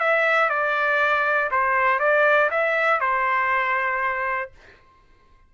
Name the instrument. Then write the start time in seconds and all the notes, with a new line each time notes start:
trumpet
0.00 E5
0.50 D5
1.51 C5
2.00 D5
2.51 E5
3.00 C5